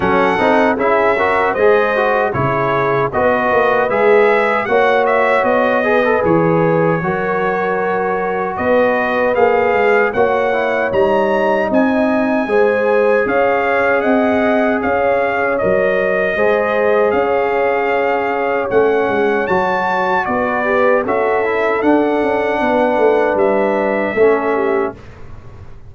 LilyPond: <<
  \new Staff \with { instrumentName = "trumpet" } { \time 4/4 \tempo 4 = 77 fis''4 e''4 dis''4 cis''4 | dis''4 e''4 fis''8 e''8 dis''4 | cis''2. dis''4 | f''4 fis''4 ais''4 gis''4~ |
gis''4 f''4 fis''4 f''4 | dis''2 f''2 | fis''4 a''4 d''4 e''4 | fis''2 e''2 | }
  \new Staff \with { instrumentName = "horn" } { \time 4/4 a'4 gis'8 ais'8 c''4 gis'4 | b'2 cis''4. b'8~ | b'4 ais'2 b'4~ | b'4 cis''2 dis''4 |
c''4 cis''4 dis''4 cis''4~ | cis''4 c''4 cis''2~ | cis''2 b'4 a'4~ | a'4 b'2 a'8 g'8 | }
  \new Staff \with { instrumentName = "trombone" } { \time 4/4 cis'8 dis'8 e'8 fis'8 gis'8 fis'8 e'4 | fis'4 gis'4 fis'4. gis'16 a'16 | gis'4 fis'2. | gis'4 fis'8 e'8 dis'2 |
gis'1 | ais'4 gis'2. | cis'4 fis'4. g'8 fis'8 e'8 | d'2. cis'4 | }
  \new Staff \with { instrumentName = "tuba" } { \time 4/4 fis8 c'8 cis'4 gis4 cis4 | b8 ais8 gis4 ais4 b4 | e4 fis2 b4 | ais8 gis8 ais4 g4 c'4 |
gis4 cis'4 c'4 cis'4 | fis4 gis4 cis'2 | a8 gis8 fis4 b4 cis'4 | d'8 cis'8 b8 a8 g4 a4 | }
>>